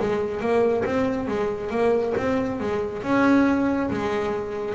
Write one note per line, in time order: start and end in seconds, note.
0.00 0.40 G#3
0.40 0.84 A#3
0.85 1.28 C4
1.28 1.70 G#3
1.70 2.14 A#3
2.17 2.60 C4
2.60 3.03 G#3
3.03 3.90 C#4
3.91 4.75 G#3